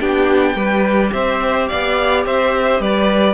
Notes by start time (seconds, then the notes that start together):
0.00 B3 D4 G4 G5
0.55 G3 G4 B4
1.13 C4 C5 E5
1.68 B3 D5 F5
2.25 C4 C5 E5
2.80 G3 B4 D5